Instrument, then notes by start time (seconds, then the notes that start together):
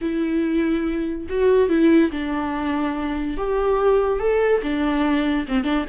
viola
0.01 E4
1.29 F#4
1.69 E4
2.11 D4
3.37 G4
4.19 A4
4.62 D4
5.48 C4
5.64 D4